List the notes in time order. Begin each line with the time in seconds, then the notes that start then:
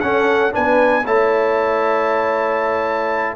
0.00 C#4 A4 F#5
0.51 B3 D4 B4 G#5
1.05 A3 E4 C#5 A5